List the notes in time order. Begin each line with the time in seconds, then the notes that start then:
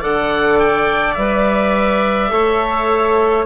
0.00 D3 A4 D5 F#5
0.59 G5
1.14 G3 B4 E5
2.29 A3 A4 C#5